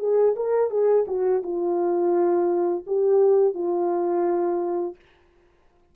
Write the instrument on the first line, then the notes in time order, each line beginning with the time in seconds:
horn
0.00 G#4
0.36 A#4
0.71 G#4
1.08 F#4
1.44 F4
2.87 G4
3.55 F4